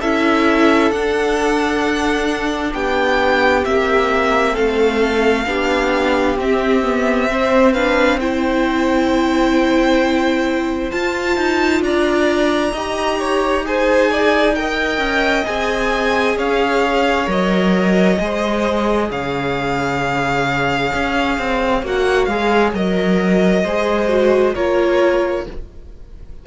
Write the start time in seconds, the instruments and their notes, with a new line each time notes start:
0.00 cello C#4, viola E4, violin A4 E5
0.91 cello D4, viola D4, violin F#5
2.74 cello B3, violin G4 G5
3.64 cello A#3, viola C4, violin E5
4.53 cello A3, violin A4 F5
5.46 cello B3, viola D4, violin G4
6.36 cello C4, viola C4, violin E5
6.83 viola B3
7.28 viola C4, violin C5
7.73 viola D4, violin B4 F5
8.20 viola E4, violin C5 G5
10.91 viola F4, cello F4, violin A5
11.37 cello D#4
11.81 cello D4, violin D5 A#5
12.73 cello D#4, viola G4, violin D#5
13.19 violin C#5
13.65 viola G#4, violin C5 G#5
14.11 violin D5
14.55 viola A#4, violin D#5 G5
14.98 cello C#4
15.45 cello C4, viola G#4, violin G#5
16.37 cello C#4, violin C#5 F5
17.26 cello F#3, viola A#4, violin D#5
18.19 cello G#3, viola G#4, violin C5
19.11 cello C#3, violin C#5 F5
20.93 cello C#4
21.38 cello C4
21.83 cello A#3, viola F#4, violin F#5
22.25 cello G#3, viola G#4, violin F5
22.73 cello F#3, viola A#4, violin D#5
23.64 cello G#3, viola G#4, violin C5
24.09 viola F#4
24.55 cello A#3, viola F4, violin A#4 C#5